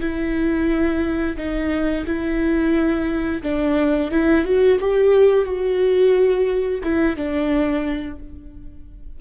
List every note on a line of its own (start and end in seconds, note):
0.00 1.36 E4
1.37 2.05 D#4
2.06 3.42 E4
3.42 4.11 D4
4.11 4.44 E4
4.44 4.79 F#4
4.80 5.45 G4
5.45 6.81 F#4
6.83 7.16 E4
7.16 8.18 D4